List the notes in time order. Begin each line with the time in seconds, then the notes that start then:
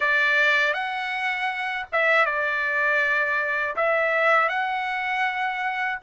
0.00 D5
0.73 F#5
1.92 E5
2.25 D5
3.76 E5
4.49 F#5